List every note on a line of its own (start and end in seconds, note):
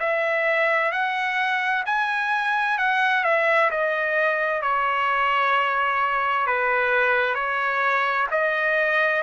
0.00 0.92 E5
0.92 1.84 F#5
1.86 2.79 G#5
2.79 3.24 F#5
3.24 3.70 E5
3.71 4.62 D#5
4.62 6.47 C#5
6.47 7.35 B4
7.35 8.27 C#5
8.31 9.23 D#5